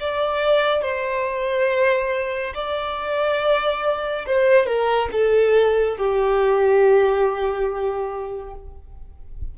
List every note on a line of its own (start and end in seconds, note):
0.00 0.82 D5
0.82 2.53 C5
2.54 4.26 D5
4.27 4.66 C5
4.66 5.09 A#4
5.12 5.97 A4
5.97 8.54 G4